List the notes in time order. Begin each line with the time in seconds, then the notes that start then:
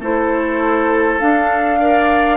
0.00 A3 E4 A4 C5
1.20 D4 F5
1.80 A#4 D5